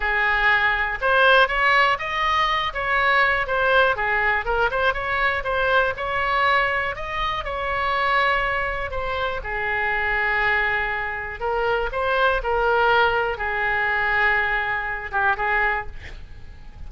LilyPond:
\new Staff \with { instrumentName = "oboe" } { \time 4/4 \tempo 4 = 121 gis'2 c''4 cis''4 | dis''4. cis''4. c''4 | gis'4 ais'8 c''8 cis''4 c''4 | cis''2 dis''4 cis''4~ |
cis''2 c''4 gis'4~ | gis'2. ais'4 | c''4 ais'2 gis'4~ | gis'2~ gis'8 g'8 gis'4 | }